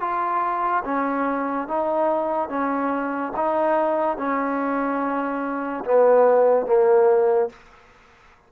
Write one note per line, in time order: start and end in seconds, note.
0.00 0.83 F4
0.84 1.68 C#4
1.68 2.49 D#4
2.49 3.33 C#4
3.36 4.17 D#4
4.17 5.84 C#4
5.85 6.66 B3
6.66 7.49 A#3